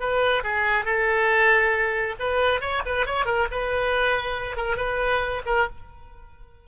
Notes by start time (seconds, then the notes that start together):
0.00 B4
0.44 G#4
0.85 A4
2.20 B4
2.61 C#5
2.86 B4
3.07 C#5
3.26 A#4
3.51 B4
4.57 A#4
4.77 B4
5.46 A#4